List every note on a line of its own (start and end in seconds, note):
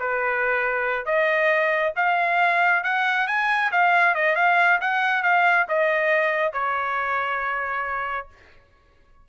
0.00 1.06 B4
1.06 1.93 D#5
1.96 2.84 F5
2.84 3.28 F#5
3.28 3.71 G#5
3.72 4.15 F5
4.15 4.36 D#5
4.36 4.80 F5
4.81 5.23 F#5
5.23 5.67 F5
5.69 6.53 D#5
6.53 8.28 C#5